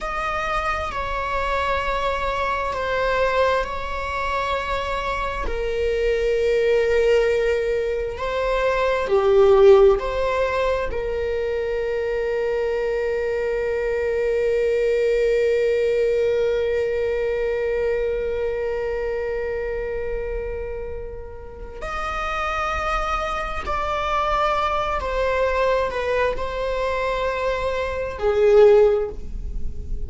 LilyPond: \new Staff \with { instrumentName = "viola" } { \time 4/4 \tempo 4 = 66 dis''4 cis''2 c''4 | cis''2 ais'2~ | ais'4 c''4 g'4 c''4 | ais'1~ |
ais'1~ | ais'1 | dis''2 d''4. c''8~ | c''8 b'8 c''2 gis'4 | }